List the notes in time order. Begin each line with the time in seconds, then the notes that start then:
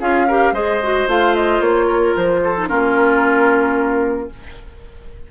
0.00 C#4 F4 G#4 F5
0.28 G4 A#4
0.52 G#3 G#4 C5 D#5
0.83 F#4
1.08 A3 F4 F5
1.35 D#5
1.60 A#3 C#5
1.87 A#4
2.17 F3 C5
2.44 A4
2.57 D#4
2.68 A#3 C#4 F4 A#4